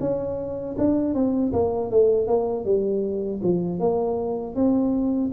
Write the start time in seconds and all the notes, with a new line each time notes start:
0.00 C#4
0.78 D4
1.15 C4
1.53 A#3
1.91 A3
2.27 A#3
2.65 G3
3.43 F3
3.80 A#3
4.55 C4